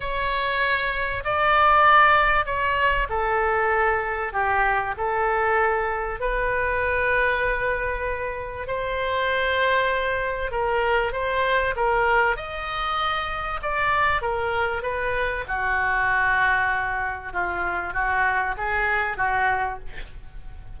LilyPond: \new Staff \with { instrumentName = "oboe" } { \time 4/4 \tempo 4 = 97 cis''2 d''2 | cis''4 a'2 g'4 | a'2 b'2~ | b'2 c''2~ |
c''4 ais'4 c''4 ais'4 | dis''2 d''4 ais'4 | b'4 fis'2. | f'4 fis'4 gis'4 fis'4 | }